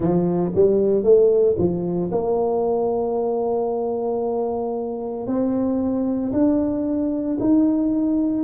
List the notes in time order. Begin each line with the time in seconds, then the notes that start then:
0.00 F3
0.55 G3
1.03 A3
1.58 F3
2.11 A#3
5.26 C4
6.32 D4
7.40 D#4